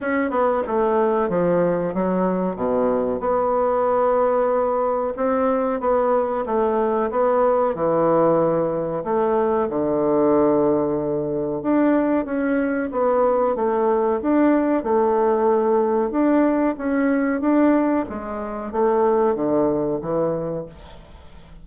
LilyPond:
\new Staff \with { instrumentName = "bassoon" } { \time 4/4 \tempo 4 = 93 cis'8 b8 a4 f4 fis4 | b,4 b2. | c'4 b4 a4 b4 | e2 a4 d4~ |
d2 d'4 cis'4 | b4 a4 d'4 a4~ | a4 d'4 cis'4 d'4 | gis4 a4 d4 e4 | }